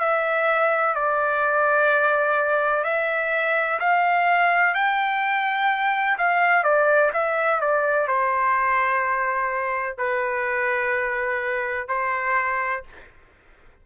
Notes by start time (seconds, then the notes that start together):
0.00 E5
0.95 D5
2.84 E5
3.80 F5
4.75 G5
6.18 F5
6.64 D5
7.14 E5
7.61 D5
8.08 C5
9.98 B4
11.89 C5